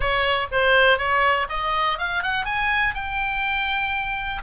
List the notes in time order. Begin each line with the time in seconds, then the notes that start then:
0.00 C#5
0.51 C5
0.98 C#5
1.49 D#5
1.98 F5
2.23 F#5
2.45 G#5
2.94 G5